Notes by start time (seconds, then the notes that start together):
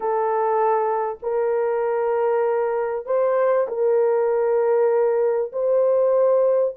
0.00 A4
1.22 A#4
3.06 C5
3.67 A#4
5.52 C5